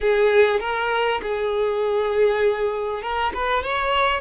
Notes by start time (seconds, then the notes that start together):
0.00 G#4
0.60 A#4
1.21 G#4
3.02 A#4
3.33 B4
3.63 C#5